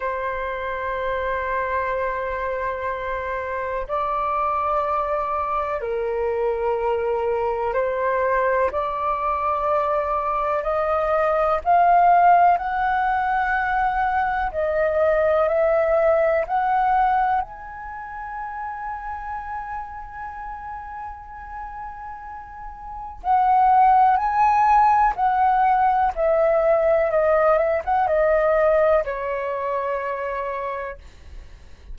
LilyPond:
\new Staff \with { instrumentName = "flute" } { \time 4/4 \tempo 4 = 62 c''1 | d''2 ais'2 | c''4 d''2 dis''4 | f''4 fis''2 dis''4 |
e''4 fis''4 gis''2~ | gis''1 | fis''4 gis''4 fis''4 e''4 | dis''8 e''16 fis''16 dis''4 cis''2 | }